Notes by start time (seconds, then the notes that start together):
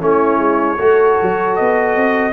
0.00 A3 C#4 E4 C#5
0.37 G#3
0.78 A3 F#4 A4
1.22 F#3
1.56 B3 D#5
1.96 C4